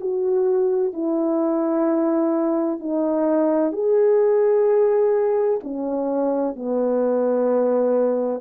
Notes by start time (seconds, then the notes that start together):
0.00 F#4
0.93 E4
2.80 D#4
3.72 G#4
5.63 C#4
6.55 B3